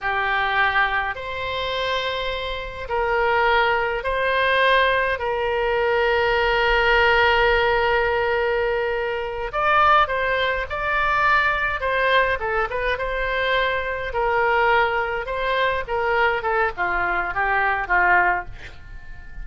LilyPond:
\new Staff \with { instrumentName = "oboe" } { \time 4/4 \tempo 4 = 104 g'2 c''2~ | c''4 ais'2 c''4~ | c''4 ais'2.~ | ais'1~ |
ais'8 d''4 c''4 d''4.~ | d''8 c''4 a'8 b'8 c''4.~ | c''8 ais'2 c''4 ais'8~ | ais'8 a'8 f'4 g'4 f'4 | }